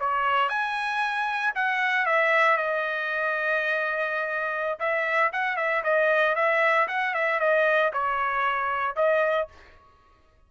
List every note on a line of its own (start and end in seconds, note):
0.00 0.49 C#5
0.49 1.53 G#5
1.55 2.06 F#5
2.06 2.57 E5
2.57 4.79 D#5
4.80 5.32 E5
5.33 5.57 F#5
5.57 5.83 E5
5.84 6.36 D#5
6.36 6.88 E5
6.88 7.14 F#5
7.15 7.40 E5
7.40 7.92 D#5
7.93 8.96 C#5
8.96 9.48 D#5